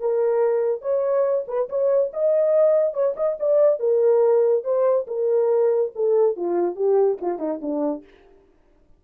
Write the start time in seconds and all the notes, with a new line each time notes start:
0.00 A#4
0.82 C#5
1.48 B4
1.69 C#5
2.13 D#5
2.93 C#5
3.16 D#5
3.40 D5
3.80 A#4
4.64 C5
5.07 A#4
5.95 A4
6.36 F4
6.76 G4
7.21 F4
7.39 D#4
7.62 D4